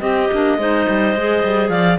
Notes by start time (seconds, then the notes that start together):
0.00 C4 G4 D#5
0.33 A#3 D4
0.58 G#3 D#4 C5
0.89 G3
1.15 G#3 G#4
1.44 G3
1.69 F3 D5 F5